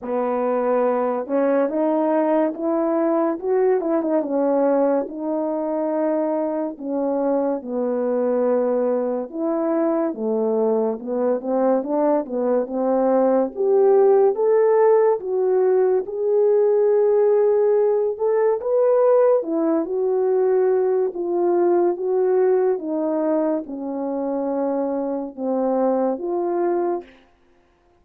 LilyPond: \new Staff \with { instrumentName = "horn" } { \time 4/4 \tempo 4 = 71 b4. cis'8 dis'4 e'4 | fis'8 e'16 dis'16 cis'4 dis'2 | cis'4 b2 e'4 | a4 b8 c'8 d'8 b8 c'4 |
g'4 a'4 fis'4 gis'4~ | gis'4. a'8 b'4 e'8 fis'8~ | fis'4 f'4 fis'4 dis'4 | cis'2 c'4 f'4 | }